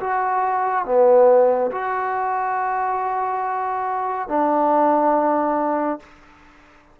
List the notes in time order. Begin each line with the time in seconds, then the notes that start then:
0.00 F#4
0.85 B3
1.71 F#4
4.28 D4